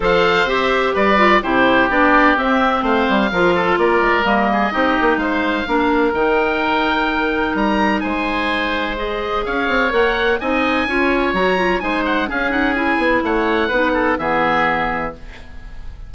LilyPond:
<<
  \new Staff \with { instrumentName = "oboe" } { \time 4/4 \tempo 4 = 127 f''4 e''4 d''4 c''4 | d''4 e''4 f''2 | d''4 dis''2 f''4~ | f''4 g''2. |
ais''4 gis''2 dis''4 | f''4 fis''4 gis''2 | ais''4 gis''8 fis''8 f''8 fis''8 gis''4 | fis''2 e''2 | }
  \new Staff \with { instrumentName = "oboe" } { \time 4/4 c''2 b'4 g'4~ | g'2 c''4 ais'8 a'8 | ais'4. gis'8 g'4 c''4 | ais'1~ |
ais'4 c''2. | cis''2 dis''4 cis''4~ | cis''4 c''4 gis'2 | cis''4 b'8 a'8 gis'2 | }
  \new Staff \with { instrumentName = "clarinet" } { \time 4/4 a'4 g'4. f'8 e'4 | d'4 c'2 f'4~ | f'4 ais4 dis'2 | d'4 dis'2.~ |
dis'2. gis'4~ | gis'4 ais'4 dis'4 f'4 | fis'8 f'8 dis'4 cis'8 dis'8 e'4~ | e'4 dis'4 b2 | }
  \new Staff \with { instrumentName = "bassoon" } { \time 4/4 f4 c'4 g4 c4 | b4 c'4 a8 g8 f4 | ais8 gis8 g4 c'8 ais8 gis4 | ais4 dis2. |
g4 gis2. | cis'8 c'8 ais4 c'4 cis'4 | fis4 gis4 cis'4. b8 | a4 b4 e2 | }
>>